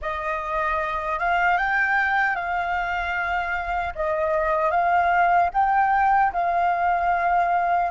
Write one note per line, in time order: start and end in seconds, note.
0.01 1.19 D#5
1.19 1.57 F5
1.57 2.35 G5
2.35 3.93 F5
3.95 4.70 D#5
4.70 5.49 F5
5.53 6.32 G5
6.32 7.90 F5